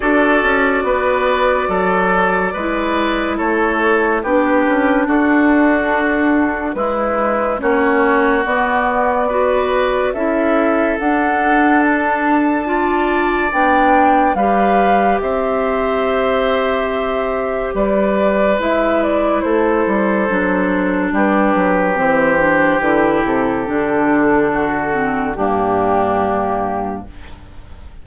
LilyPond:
<<
  \new Staff \with { instrumentName = "flute" } { \time 4/4 \tempo 4 = 71 d''1 | cis''4 b'4 a'2 | b'4 cis''4 d''2 | e''4 fis''4 a''2 |
g''4 f''4 e''2~ | e''4 d''4 e''8 d''8 c''4~ | c''4 b'4 c''4 b'8 a'8~ | a'2 g'2 | }
  \new Staff \with { instrumentName = "oboe" } { \time 4/4 a'4 b'4 a'4 b'4 | a'4 g'4 fis'2 | e'4 fis'2 b'4 | a'2. d''4~ |
d''4 b'4 c''2~ | c''4 b'2 a'4~ | a'4 g'2.~ | g'4 fis'4 d'2 | }
  \new Staff \with { instrumentName = "clarinet" } { \time 4/4 fis'2. e'4~ | e'4 d'2. | gis4 cis'4 b4 fis'4 | e'4 d'2 f'4 |
d'4 g'2.~ | g'2 e'2 | d'2 c'8 d'8 e'4 | d'4. c'8 ais2 | }
  \new Staff \with { instrumentName = "bassoon" } { \time 4/4 d'8 cis'8 b4 fis4 gis4 | a4 b8 cis'8 d'2 | gis4 ais4 b2 | cis'4 d'2. |
b4 g4 c'2~ | c'4 g4 gis4 a8 g8 | fis4 g8 fis8 e4 d8 c8 | d2 g,2 | }
>>